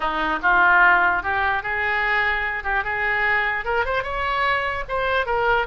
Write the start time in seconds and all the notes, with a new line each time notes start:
0.00 D#4
0.42 F4
1.22 G4
1.62 G#4
2.63 G4
2.84 G#4
3.64 A#4
3.85 C5
4.03 C#5
4.88 C5
5.26 A#4